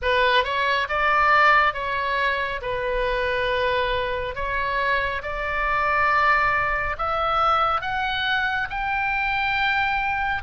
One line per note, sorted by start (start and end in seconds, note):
0.02 0.43 B4
0.43 0.87 C#5
0.89 1.74 D5
1.74 2.60 C#5
2.61 4.35 B4
4.35 5.22 C#5
5.22 6.96 D5
6.98 7.81 E5
7.81 8.68 F#5
8.70 10.42 G5